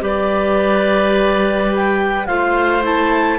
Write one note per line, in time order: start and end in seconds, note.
0.00 2.28 G3
0.00 2.26 G4
0.00 2.28 B4
0.00 1.74 D5
1.75 2.26 G5
2.26 3.38 A3
2.26 2.82 F4
2.26 3.38 C5
2.26 2.82 F5
2.82 3.38 E4
2.82 3.38 A5